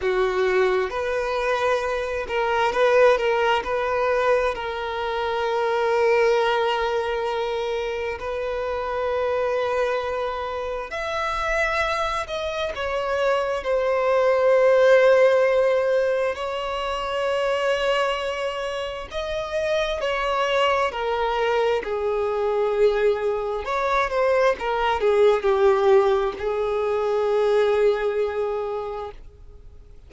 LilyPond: \new Staff \with { instrumentName = "violin" } { \time 4/4 \tempo 4 = 66 fis'4 b'4. ais'8 b'8 ais'8 | b'4 ais'2.~ | ais'4 b'2. | e''4. dis''8 cis''4 c''4~ |
c''2 cis''2~ | cis''4 dis''4 cis''4 ais'4 | gis'2 cis''8 c''8 ais'8 gis'8 | g'4 gis'2. | }